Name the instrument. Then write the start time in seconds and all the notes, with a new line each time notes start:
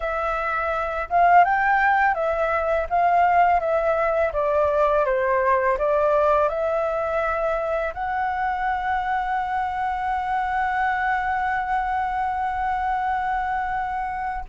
flute
0.00 E5
1.09 F5
1.44 G5
2.14 E5
2.89 F5
3.59 E5
4.32 D5
5.05 C5
5.78 D5
6.49 E5
7.94 F#5